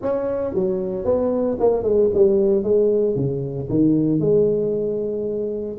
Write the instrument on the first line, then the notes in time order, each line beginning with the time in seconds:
tuba
0.01 C#4
0.54 F#3
1.04 B3
1.59 A#3
1.83 G#3
2.14 G3
2.63 G#3
3.15 C#3
3.69 D#3
4.20 G#3